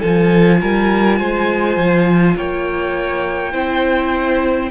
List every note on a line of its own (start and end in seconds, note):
0.00 0.62 F3
0.00 3.53 F4
0.00 0.59 A4
0.00 2.37 G#5
0.61 1.20 G3
0.61 1.19 A#4
1.19 1.77 G#3
1.19 2.37 C5
1.77 2.36 F3
2.37 3.54 A#3
2.37 3.53 C#5
2.37 4.71 G5
3.53 4.71 C4
3.53 4.71 E4
3.53 4.71 C5